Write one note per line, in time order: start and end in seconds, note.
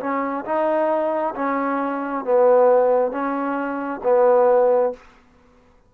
0.00 0.45 C#4
0.45 1.35 D#4
1.35 2.25 C#4
2.25 3.11 B3
3.11 4.01 C#4
4.04 4.93 B3